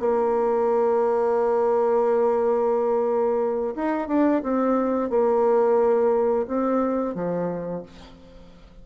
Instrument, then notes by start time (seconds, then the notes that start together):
bassoon
0.00 A#3
3.76 D#4
4.08 D4
4.43 C4
5.10 A#3
6.48 C4
7.15 F3